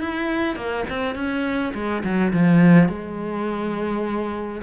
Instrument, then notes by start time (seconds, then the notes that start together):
cello
0.00 E4
0.56 A#3
0.90 C4
1.15 C#4
1.74 G#3
2.04 F#3
2.33 F3
2.89 G#3